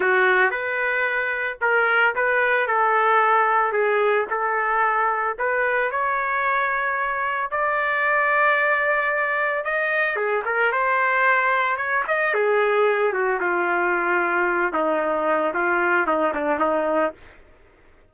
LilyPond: \new Staff \with { instrumentName = "trumpet" } { \time 4/4 \tempo 4 = 112 fis'4 b'2 ais'4 | b'4 a'2 gis'4 | a'2 b'4 cis''4~ | cis''2 d''2~ |
d''2 dis''4 gis'8 ais'8 | c''2 cis''8 dis''8 gis'4~ | gis'8 fis'8 f'2~ f'8 dis'8~ | dis'4 f'4 dis'8 d'8 dis'4 | }